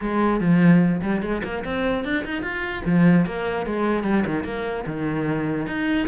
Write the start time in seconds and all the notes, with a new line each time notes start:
0.01 G#3
0.40 F3
1.02 G3
1.21 G#3
1.43 A#3
1.64 C4
2.04 D4
2.24 D#4
2.42 F4
2.85 F3
3.26 A#3
3.66 G#3
4.03 G3
4.25 D#3
4.44 A#3
4.86 D#3
5.66 D#4